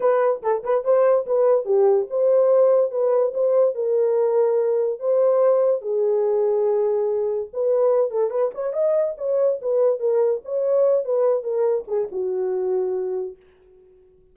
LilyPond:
\new Staff \with { instrumentName = "horn" } { \time 4/4 \tempo 4 = 144 b'4 a'8 b'8 c''4 b'4 | g'4 c''2 b'4 | c''4 ais'2. | c''2 gis'2~ |
gis'2 b'4. a'8 | b'8 cis''8 dis''4 cis''4 b'4 | ais'4 cis''4. b'4 ais'8~ | ais'8 gis'8 fis'2. | }